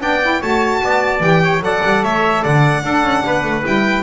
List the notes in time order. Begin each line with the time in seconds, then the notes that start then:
0.00 B3 D4 D5 G5
0.22 E4
0.40 A3 F#4 C#5 A5
0.83 B3 D5
1.20 E3 G4 G5
1.42 C#5
1.60 F#3 A4 D5 F#5
1.84 G3
2.03 A3 C#5 E5
2.42 D3 D5 F#5
2.82 D4 A4
3.02 C#4
3.25 B3 B4
3.43 A3
3.63 G3 E4 G5